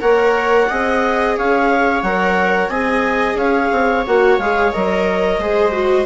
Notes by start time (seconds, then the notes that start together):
0.00 A#3 A#4 C#5 F#5
0.69 C4 G#4 D#5
1.36 C#4 C#5 F5
2.03 F#3 A#4 F#5
2.68 C4 G#4 D#5 G#5
3.35 C#4 C#5 F5
3.72 C4
4.06 A#3 F#4 F#5
4.38 G#3 G#4 F5
4.72 F#3 A#4 D#5
5.38 G#3 G#4 C5
5.72 F#4